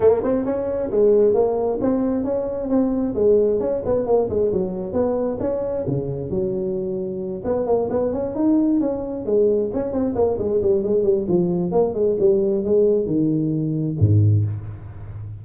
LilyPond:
\new Staff \with { instrumentName = "tuba" } { \time 4/4 \tempo 4 = 133 ais8 c'8 cis'4 gis4 ais4 | c'4 cis'4 c'4 gis4 | cis'8 b8 ais8 gis8 fis4 b4 | cis'4 cis4 fis2~ |
fis8 b8 ais8 b8 cis'8 dis'4 cis'8~ | cis'8 gis4 cis'8 c'8 ais8 gis8 g8 | gis8 g8 f4 ais8 gis8 g4 | gis4 dis2 gis,4 | }